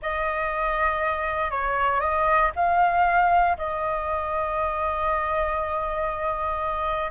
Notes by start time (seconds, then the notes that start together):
0.01 D#5
1.50 C#5
2.00 D#5
2.55 F5
3.57 D#5